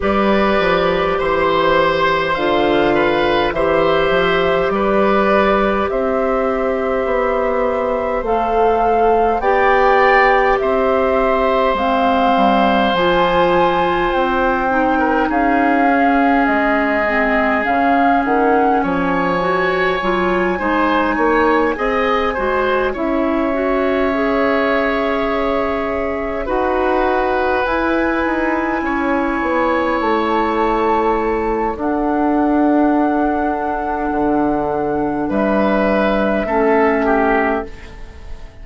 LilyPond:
<<
  \new Staff \with { instrumentName = "flute" } { \time 4/4 \tempo 4 = 51 d''4 c''4 f''4 e''4 | d''4 e''2 f''4 | g''4 e''4 f''4 gis''4 | g''4 f''4 dis''4 f''8 fis''8 |
gis''2.~ gis''8 e''8~ | e''2~ e''8 fis''4 gis''8~ | gis''4. a''4. fis''4~ | fis''2 e''2 | }
  \new Staff \with { instrumentName = "oboe" } { \time 4/4 b'4 c''4. b'8 c''4 | b'4 c''2. | d''4 c''2.~ | c''8. ais'16 gis'2. |
cis''4. c''8 cis''8 dis''8 c''8 cis''8~ | cis''2~ cis''8 b'4.~ | b'8 cis''2~ cis''8 a'4~ | a'2 b'4 a'8 g'8 | }
  \new Staff \with { instrumentName = "clarinet" } { \time 4/4 g'2 f'4 g'4~ | g'2. a'4 | g'2 c'4 f'4~ | f'8 dis'4 cis'4 c'8 cis'4~ |
cis'8 fis'8 f'8 dis'4 gis'8 fis'8 e'8 | fis'8 gis'2 fis'4 e'8~ | e'2. d'4~ | d'2. cis'4 | }
  \new Staff \with { instrumentName = "bassoon" } { \time 4/4 g8 f8 e4 d4 e8 f8 | g4 c'4 b4 a4 | b4 c'4 gis8 g8 f4 | c'4 cis'4 gis4 cis8 dis8 |
f4 fis8 gis8 ais8 c'8 gis8 cis'8~ | cis'2~ cis'8 dis'4 e'8 | dis'8 cis'8 b8 a4. d'4~ | d'4 d4 g4 a4 | }
>>